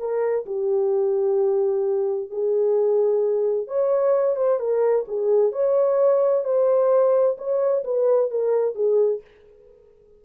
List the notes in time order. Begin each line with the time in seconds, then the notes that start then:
0.00 A#4
0.46 G4
2.31 G#4
3.68 C#5
4.37 C5
4.60 A#4
5.08 G#4
5.53 C#5
6.45 C5
7.38 C#5
7.85 B4
8.31 A#4
8.75 G#4